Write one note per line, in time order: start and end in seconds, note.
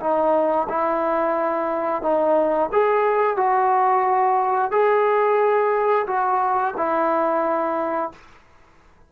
0.00 0.67 D#4
0.69 2.02 E4
2.02 2.70 D#4
2.72 3.37 G#4
3.37 4.72 F#4
4.72 6.06 G#4
6.07 6.74 F#4
6.77 8.12 E4